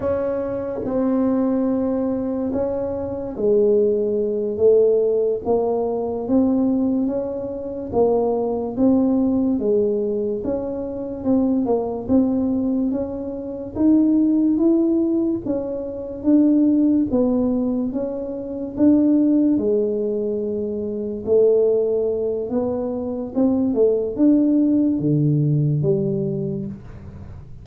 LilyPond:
\new Staff \with { instrumentName = "tuba" } { \time 4/4 \tempo 4 = 72 cis'4 c'2 cis'4 | gis4. a4 ais4 c'8~ | c'8 cis'4 ais4 c'4 gis8~ | gis8 cis'4 c'8 ais8 c'4 cis'8~ |
cis'8 dis'4 e'4 cis'4 d'8~ | d'8 b4 cis'4 d'4 gis8~ | gis4. a4. b4 | c'8 a8 d'4 d4 g4 | }